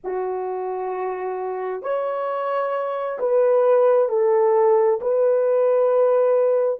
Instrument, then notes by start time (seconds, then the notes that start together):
horn
0.03 F#4
1.82 C#5
3.19 B4
4.08 A4
5.01 B4